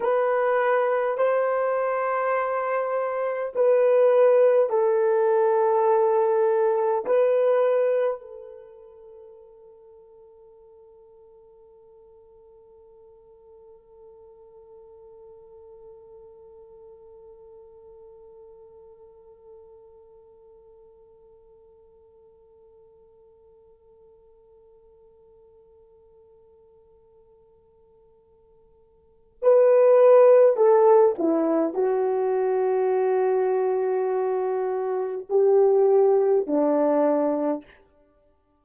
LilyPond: \new Staff \with { instrumentName = "horn" } { \time 4/4 \tempo 4 = 51 b'4 c''2 b'4 | a'2 b'4 a'4~ | a'1~ | a'1~ |
a'1~ | a'1~ | a'4 b'4 a'8 e'8 fis'4~ | fis'2 g'4 d'4 | }